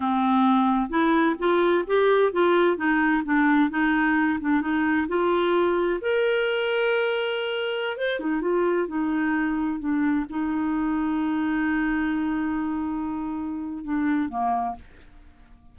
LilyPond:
\new Staff \with { instrumentName = "clarinet" } { \time 4/4 \tempo 4 = 130 c'2 e'4 f'4 | g'4 f'4 dis'4 d'4 | dis'4. d'8 dis'4 f'4~ | f'4 ais'2.~ |
ais'4~ ais'16 c''8 dis'8 f'4 dis'8.~ | dis'4~ dis'16 d'4 dis'4.~ dis'16~ | dis'1~ | dis'2 d'4 ais4 | }